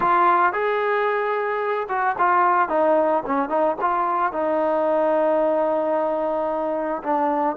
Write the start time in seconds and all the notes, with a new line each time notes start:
0.00 F4
0.52 G#4
1.88 F#4
2.18 F4
2.69 D#4
3.26 C#4
3.49 D#4
3.81 F4
4.32 D#4
7.03 D4